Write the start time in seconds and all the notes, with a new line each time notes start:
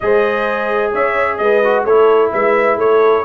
0.00 G#3 G#4 C5 D#5
0.92 C#4 C#5 E5
1.37 G#3 B4 D#5
1.64 F#4
1.84 A3 E4 A4 C#5
2.32 G#3 B4 E5
2.76 A3 A4 C#5